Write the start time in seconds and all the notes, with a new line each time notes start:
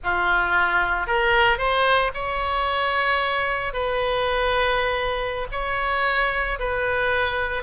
0.03 F4
1.07 A#4
1.58 C5
2.14 C#5
3.73 B4
5.51 C#5
6.59 B4